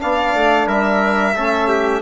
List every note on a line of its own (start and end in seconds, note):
0.00 0.34 B3
0.00 1.35 D4
0.00 0.67 D5
0.00 0.68 F5
0.34 0.67 A3
0.67 1.34 G3
0.67 1.35 A#4
0.67 2.02 E5
1.36 2.02 A3
1.36 2.02 C#4
1.36 1.69 A4
1.69 2.02 G4